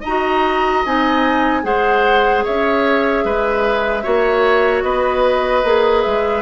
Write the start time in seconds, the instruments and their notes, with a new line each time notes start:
0.00 bassoon D#4, oboe D#5, flute A#5
0.07 clarinet F#4
0.85 bassoon C4, clarinet D#4, flute G#5
1.62 bassoon G#3, clarinet G#4, oboe C5, flute F#5
2.44 bassoon C#4, oboe C#5, flute E5
3.24 bassoon G#3, oboe B4
4.03 bassoon A#3, clarinet F#4, oboe C#5
4.82 bassoon B3, oboe B4, flute D#5
5.64 bassoon A#3, clarinet G#4
6.02 bassoon G#3, flute E5